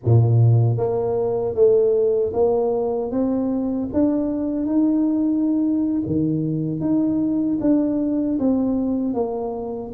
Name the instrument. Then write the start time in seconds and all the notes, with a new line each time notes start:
tuba
0.04 A#2
0.77 A#3
1.54 A3
2.33 A#3
3.11 C4
3.93 D4
4.66 D#4
6.06 D#3
6.80 D#4
7.60 D4
8.39 C4
9.14 A#3